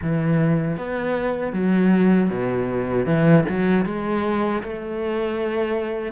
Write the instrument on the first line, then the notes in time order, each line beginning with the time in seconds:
cello
0.01 E3
0.77 B3
1.52 F#3
2.30 B2
3.06 E3
3.48 F#3
3.85 G#3
4.62 A3